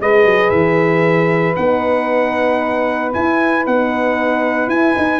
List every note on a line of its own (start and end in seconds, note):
0.00 0.25 G#3
0.00 1.56 G#4
0.00 5.20 B4
0.00 0.50 D#5
0.25 0.51 F#3
0.50 1.55 E3
0.50 1.54 E5
1.55 3.14 B3
1.55 3.12 D#4
1.55 3.12 F#5
3.12 3.64 E4
3.12 3.66 E4
3.12 3.65 G#5
3.66 4.68 B3
3.66 4.71 D#4
3.66 4.69 F#5
4.68 4.94 E4
4.68 5.20 G#5
4.94 5.20 D#4